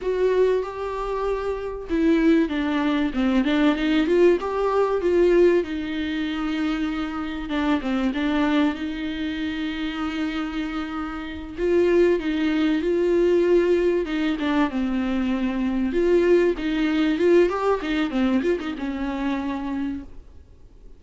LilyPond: \new Staff \with { instrumentName = "viola" } { \time 4/4 \tempo 4 = 96 fis'4 g'2 e'4 | d'4 c'8 d'8 dis'8 f'8 g'4 | f'4 dis'2. | d'8 c'8 d'4 dis'2~ |
dis'2~ dis'8 f'4 dis'8~ | dis'8 f'2 dis'8 d'8 c'8~ | c'4. f'4 dis'4 f'8 | g'8 dis'8 c'8 f'16 dis'16 cis'2 | }